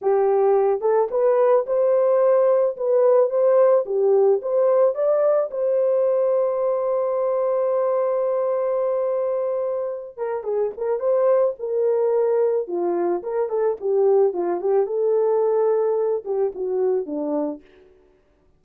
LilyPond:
\new Staff \with { instrumentName = "horn" } { \time 4/4 \tempo 4 = 109 g'4. a'8 b'4 c''4~ | c''4 b'4 c''4 g'4 | c''4 d''4 c''2~ | c''1~ |
c''2~ c''8 ais'8 gis'8 ais'8 | c''4 ais'2 f'4 | ais'8 a'8 g'4 f'8 g'8 a'4~ | a'4. g'8 fis'4 d'4 | }